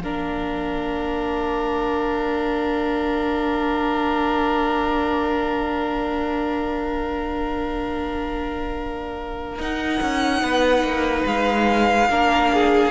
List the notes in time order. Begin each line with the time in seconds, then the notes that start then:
0.00 A#3 D4 A#4 F5
9.58 D#4 F#5
10.01 C#4
10.42 B3 B4
10.83 A#3
11.26 G#3 F5
12.10 A#3 D4 A#4
12.54 G#4